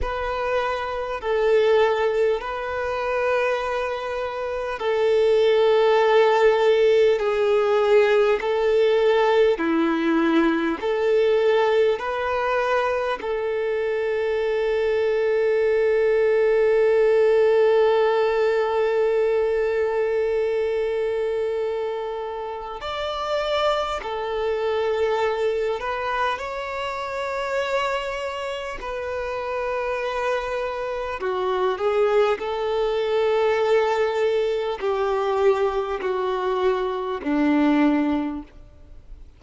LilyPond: \new Staff \with { instrumentName = "violin" } { \time 4/4 \tempo 4 = 50 b'4 a'4 b'2 | a'2 gis'4 a'4 | e'4 a'4 b'4 a'4~ | a'1~ |
a'2. d''4 | a'4. b'8 cis''2 | b'2 fis'8 gis'8 a'4~ | a'4 g'4 fis'4 d'4 | }